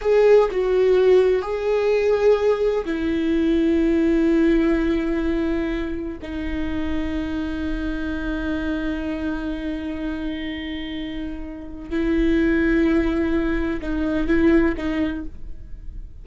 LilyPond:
\new Staff \with { instrumentName = "viola" } { \time 4/4 \tempo 4 = 126 gis'4 fis'2 gis'4~ | gis'2 e'2~ | e'1~ | e'4 dis'2.~ |
dis'1~ | dis'1~ | dis'4 e'2.~ | e'4 dis'4 e'4 dis'4 | }